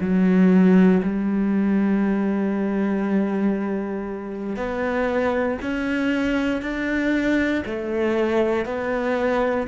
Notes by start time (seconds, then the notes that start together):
0.00 F#3
1.02 G3
4.56 B3
5.62 C#4
6.61 D4
7.65 A3
8.65 B3